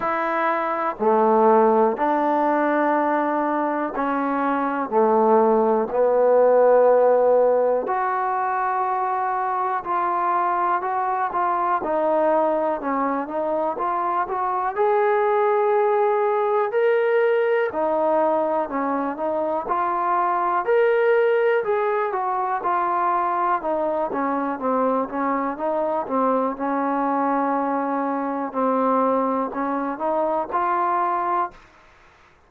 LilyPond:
\new Staff \with { instrumentName = "trombone" } { \time 4/4 \tempo 4 = 61 e'4 a4 d'2 | cis'4 a4 b2 | fis'2 f'4 fis'8 f'8 | dis'4 cis'8 dis'8 f'8 fis'8 gis'4~ |
gis'4 ais'4 dis'4 cis'8 dis'8 | f'4 ais'4 gis'8 fis'8 f'4 | dis'8 cis'8 c'8 cis'8 dis'8 c'8 cis'4~ | cis'4 c'4 cis'8 dis'8 f'4 | }